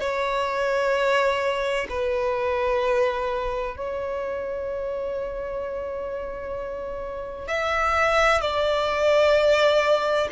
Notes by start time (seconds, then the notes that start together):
0.00 C#5
1.90 B4
3.77 C#5
7.48 E5
8.41 D5